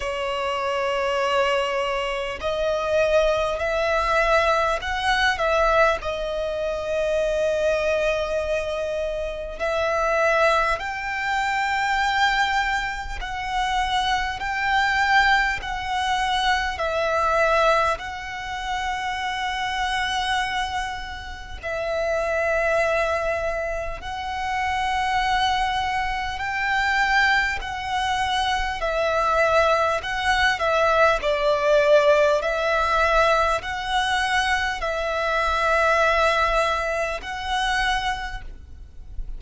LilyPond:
\new Staff \with { instrumentName = "violin" } { \time 4/4 \tempo 4 = 50 cis''2 dis''4 e''4 | fis''8 e''8 dis''2. | e''4 g''2 fis''4 | g''4 fis''4 e''4 fis''4~ |
fis''2 e''2 | fis''2 g''4 fis''4 | e''4 fis''8 e''8 d''4 e''4 | fis''4 e''2 fis''4 | }